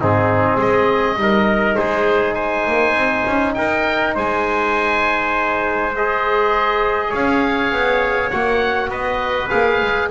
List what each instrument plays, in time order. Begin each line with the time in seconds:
0.00 double bass G#2, trombone C4, trumpet D#4, oboe G#4
0.56 double bass G#3, trumpet G#4, oboe D#5
1.16 double bass G3, trombone D#4
1.22 trumpet A#4
1.75 double bass G#3, trumpet G#4, oboe C5
2.34 trumpet C5, oboe G#5
2.67 double bass A#3
2.94 double bass C4
3.27 double bass C#4
3.54 double bass D#4, trumpet A#4, oboe G5
4.14 double bass G#3, trumpet C5, oboe G#5
5.95 trombone G#4, oboe D#5
7.09 double bass C#4, trumpet C#5, oboe F5
7.72 double bass B3
8.30 double bass A#3, trombone F#4, oboe F#5
8.89 double bass B3, trumpet B4, oboe D#5
9.49 double bass A#3, trombone G#4, oboe F5
9.81 double bass G#3